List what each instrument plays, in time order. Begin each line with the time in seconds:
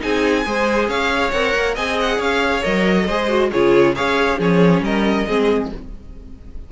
0.00 cello C4, viola D#4, violin G#4 G#5
0.45 cello G#3, viola G#4, violin C5
0.88 cello C#4, violin C#5 F5
1.31 cello C4, viola A#4, violin F#5
1.55 cello A#3
1.75 cello C4, viola G#4, violin D#5 G#5
2.00 violin F#5
2.17 cello C#4, violin C#5 F5
2.62 cello F#3, viola A#4, violin D#5
3.06 cello G#3, viola G#4, violin C5
3.28 viola F#4
3.51 cello C#3, viola F4, violin G#4 C#5
3.95 cello C#4, viola G#4, violin C#5 F5
4.39 cello F3, viola C#4, violin G#4 C#5
4.81 cello G3, violin A#4 D#5
5.27 cello G#3, viola C4, violin G#4